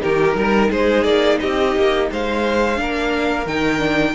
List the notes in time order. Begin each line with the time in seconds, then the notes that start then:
0.00 D#3 D#4 G4 A#4
0.35 G3 A#4
0.70 G#3 G#4 C5
1.03 A#3 D5
1.40 C4 G4 D#5
1.76 A#3
2.11 G#3 C5 F5
2.75 A#3 D4 A#4
3.46 D#3 D#4 G5
3.78 D4